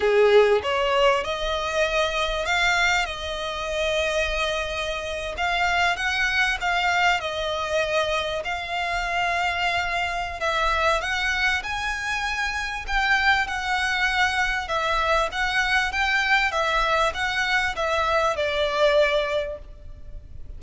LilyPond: \new Staff \with { instrumentName = "violin" } { \time 4/4 \tempo 4 = 98 gis'4 cis''4 dis''2 | f''4 dis''2.~ | dis''8. f''4 fis''4 f''4 dis''16~ | dis''4.~ dis''16 f''2~ f''16~ |
f''4 e''4 fis''4 gis''4~ | gis''4 g''4 fis''2 | e''4 fis''4 g''4 e''4 | fis''4 e''4 d''2 | }